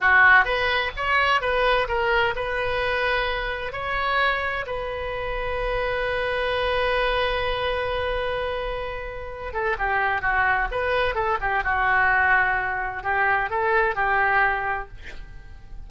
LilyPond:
\new Staff \with { instrumentName = "oboe" } { \time 4/4 \tempo 4 = 129 fis'4 b'4 cis''4 b'4 | ais'4 b'2. | cis''2 b'2~ | b'1~ |
b'1~ | b'8 a'8 g'4 fis'4 b'4 | a'8 g'8 fis'2. | g'4 a'4 g'2 | }